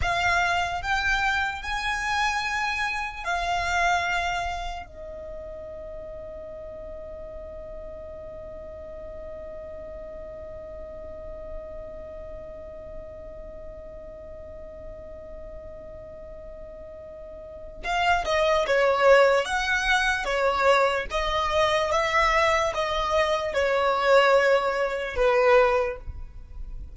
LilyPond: \new Staff \with { instrumentName = "violin" } { \time 4/4 \tempo 4 = 74 f''4 g''4 gis''2 | f''2 dis''2~ | dis''1~ | dis''1~ |
dis''1~ | dis''2 f''8 dis''8 cis''4 | fis''4 cis''4 dis''4 e''4 | dis''4 cis''2 b'4 | }